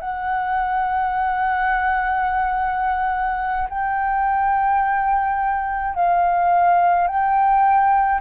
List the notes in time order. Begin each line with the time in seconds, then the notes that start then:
0.00 F#5
3.69 G5
5.95 F5
7.07 G5